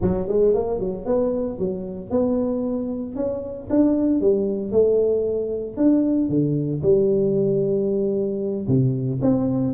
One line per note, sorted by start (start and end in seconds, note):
0.01 0.28 F#3
0.28 0.54 G#3
0.54 0.79 A#3
0.79 1.05 F#3
1.05 1.58 B3
1.58 2.10 F#3
2.10 3.15 B3
3.15 3.68 C#4
3.70 4.20 D4
4.20 4.71 G3
4.71 5.76 A3
5.76 6.29 D4
6.29 6.81 D3
6.83 8.67 G3
8.67 9.20 C3
9.21 9.73 C4